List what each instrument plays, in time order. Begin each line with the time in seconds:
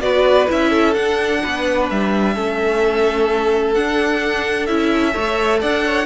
0.00 cello B3, viola F#4, violin B4 D5
0.47 cello C#4, viola E4, violin E5
0.69 violin A4
0.93 cello D4, viola D4, violin F#5
1.43 cello B3, violin B4
1.89 cello G3, violin E5
2.33 cello A3, viola C#4, violin A4
3.74 cello D4, viola D4, violin F#5
4.66 cello C#4, viola E4, violin E5
5.11 cello A3, viola A4, violin C#5
5.60 cello D4, violin D5 F#5
5.86 violin C#5